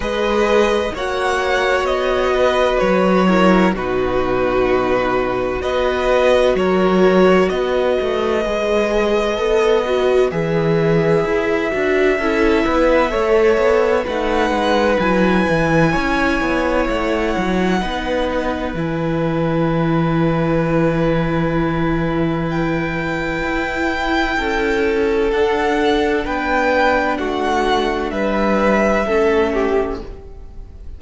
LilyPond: <<
  \new Staff \with { instrumentName = "violin" } { \time 4/4 \tempo 4 = 64 dis''4 fis''4 dis''4 cis''4 | b'2 dis''4 cis''4 | dis''2. e''4~ | e''2. fis''4 |
gis''2 fis''2 | gis''1 | g''2. fis''4 | g''4 fis''4 e''2 | }
  \new Staff \with { instrumentName = "violin" } { \time 4/4 b'4 cis''4. b'4 ais'8 | fis'2 b'4 ais'4 | b'1~ | b'4 a'8 b'8 cis''4 b'4~ |
b'4 cis''2 b'4~ | b'1~ | b'2 a'2 | b'4 fis'4 b'4 a'8 g'8 | }
  \new Staff \with { instrumentName = "viola" } { \time 4/4 gis'4 fis'2~ fis'8 e'8 | dis'2 fis'2~ | fis'4 gis'4 a'8 fis'8 gis'4~ | gis'8 fis'8 e'4 a'4 dis'4 |
e'2. dis'4 | e'1~ | e'2. d'4~ | d'2. cis'4 | }
  \new Staff \with { instrumentName = "cello" } { \time 4/4 gis4 ais4 b4 fis4 | b,2 b4 fis4 | b8 a8 gis4 b4 e4 | e'8 d'8 cis'8 b8 a8 b8 a8 gis8 |
fis8 e8 cis'8 b8 a8 fis8 b4 | e1~ | e4 e'4 cis'4 d'4 | b4 a4 g4 a4 | }
>>